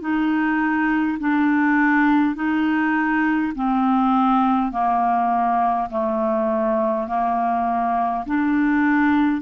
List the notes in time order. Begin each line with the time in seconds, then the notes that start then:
0.00 D#4
1.19 D4
2.35 D#4
3.55 C4
4.71 A#3
5.90 A3
7.07 A#3
8.26 D4